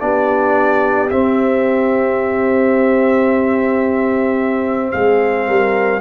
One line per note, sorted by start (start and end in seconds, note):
0.00 1.10 B3
0.00 1.09 D4
0.00 4.92 G4
0.00 1.09 D5
1.10 6.01 C4
1.10 4.93 C4
1.10 4.91 E5
4.91 5.47 G#3
4.91 5.47 G#4
4.91 6.00 F5
5.47 6.01 G3
5.47 6.01 A#4